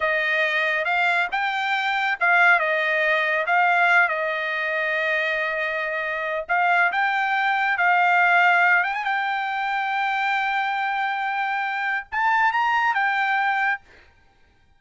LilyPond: \new Staff \with { instrumentName = "trumpet" } { \time 4/4 \tempo 4 = 139 dis''2 f''4 g''4~ | g''4 f''4 dis''2 | f''4. dis''2~ dis''8~ | dis''2. f''4 |
g''2 f''2~ | f''8 g''16 gis''16 g''2.~ | g''1 | a''4 ais''4 g''2 | }